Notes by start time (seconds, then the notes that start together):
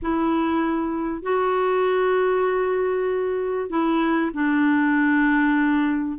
0.02 E4
1.22 F#4
3.69 E4
4.33 D4